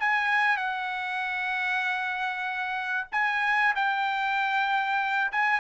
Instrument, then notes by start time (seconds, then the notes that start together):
trumpet
0.00 G#5
0.57 F#5
3.12 G#5
3.75 G5
5.32 G#5